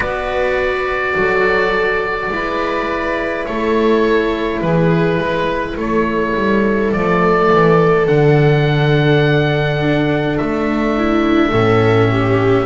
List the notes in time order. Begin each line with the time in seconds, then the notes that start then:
0.00 B3 F#4 B4 D5
1.16 F#3 A4
2.30 G#3 E4 B4
3.45 A3 A4 C#5
4.61 E3 G#4 B4
5.18 G#3 B4
5.76 A3 A4 C#5
6.34 G3
6.92 F3 A3 D5
7.51 E3
8.07 D3 D4 F#5
10.37 A3 E5
10.97 E4
11.51 A2 C#4 A4
12.11 G4